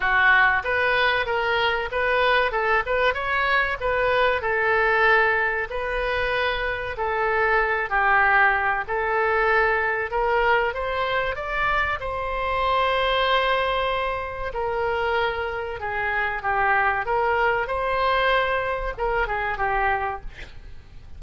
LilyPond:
\new Staff \with { instrumentName = "oboe" } { \time 4/4 \tempo 4 = 95 fis'4 b'4 ais'4 b'4 | a'8 b'8 cis''4 b'4 a'4~ | a'4 b'2 a'4~ | a'8 g'4. a'2 |
ais'4 c''4 d''4 c''4~ | c''2. ais'4~ | ais'4 gis'4 g'4 ais'4 | c''2 ais'8 gis'8 g'4 | }